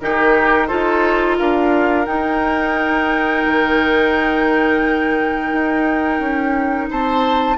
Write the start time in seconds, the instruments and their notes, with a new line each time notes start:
0.00 bassoon D#3, clarinet D#4, oboe G4, flute A#4
0.67 bassoon D#4, clarinet F4, oboe A4, flute C5
1.38 bassoon D4, oboe A#4, flute F5
2.06 clarinet D#4, bassoon D#4, flute G5
3.45 bassoon D#3
5.52 bassoon D#4
6.19 bassoon C#4
6.90 bassoon C4, oboe C5, flute A5